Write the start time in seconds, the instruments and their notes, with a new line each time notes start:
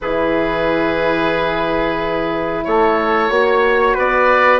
0.00 bassoon E3, horn E4, trumpet G#4, oboe B4
2.64 bassoon A3, trumpet A4, oboe C#5
3.29 bassoon A#3, horn F#4, trumpet C#5
3.94 bassoon B3, trumpet B4, oboe D5